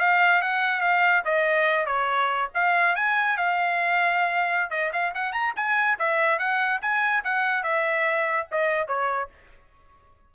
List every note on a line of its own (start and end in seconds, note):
0.00 0.42 F5
0.42 0.81 F#5
0.81 1.23 F5
1.25 1.86 D#5
1.86 2.49 C#5
2.55 2.96 F5
2.96 3.37 G#5
3.37 4.71 F5
4.71 4.92 D#5
4.93 5.14 F5
5.15 5.33 F#5
5.33 5.54 A#5
5.57 5.98 G#5
5.99 6.39 E5
6.39 6.81 F#5
6.82 7.24 G#5
7.24 7.63 F#5
7.63 8.47 E5
8.52 8.88 D#5
8.88 9.30 C#5